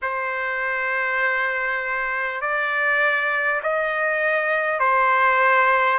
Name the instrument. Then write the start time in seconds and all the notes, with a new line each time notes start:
trumpet
0.02 C5
2.41 D5
3.62 D#5
4.79 C5